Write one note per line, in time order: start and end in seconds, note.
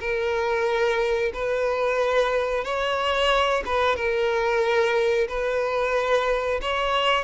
0.00 1.32 A#4
1.34 2.65 B4
2.65 3.64 C#5
3.66 3.96 B4
3.96 5.28 A#4
5.29 6.61 B4
6.62 7.24 C#5